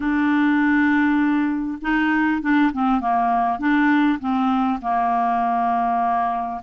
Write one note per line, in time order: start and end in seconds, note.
0.00 1.78 D4
1.81 2.41 D#4
2.41 2.71 D4
2.72 3.00 C4
3.00 3.58 A#3
3.58 4.18 D4
4.19 4.79 C4
4.81 6.61 A#3